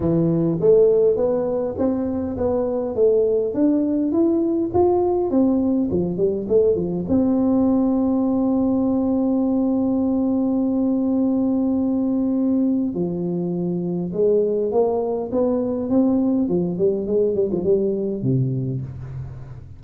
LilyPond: \new Staff \with { instrumentName = "tuba" } { \time 4/4 \tempo 4 = 102 e4 a4 b4 c'4 | b4 a4 d'4 e'4 | f'4 c'4 f8 g8 a8 f8 | c'1~ |
c'1~ | c'2 f2 | gis4 ais4 b4 c'4 | f8 g8 gis8 g16 f16 g4 c4 | }